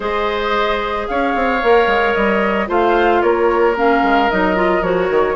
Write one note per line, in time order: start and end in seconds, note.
0.00 1.07 G#3
0.00 1.58 G#4
0.00 1.07 C5
0.00 1.07 D#5
1.07 1.35 C#4
1.07 2.68 C#5
1.07 2.14 F5
1.35 1.62 C4
1.62 1.86 A#3
1.62 2.67 A#4
1.86 2.13 G#3
2.14 2.68 G3
2.14 2.67 D#5
2.67 3.22 A3
2.67 3.74 F4
2.67 3.22 C5
2.67 3.22 F5
3.22 4.02 A#3
3.22 5.35 A#4
3.22 3.75 C#5
3.75 4.29 C#4
3.75 4.30 F5
4.02 4.29 G#3
4.30 4.81 F#3
4.30 4.55 D#4
4.30 4.82 D#5
4.55 4.82 F4
4.81 5.08 F3
4.81 5.35 F#4
4.81 5.35 C#5
5.10 5.35 D#3